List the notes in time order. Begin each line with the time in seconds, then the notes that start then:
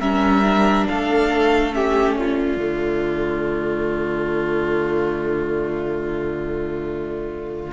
0.00 G3 C#4 A#4 E5
0.43 D4
0.88 A3 A4 F5
1.72 C#4 G4 E5
2.16 F4 D5
2.57 D3 A3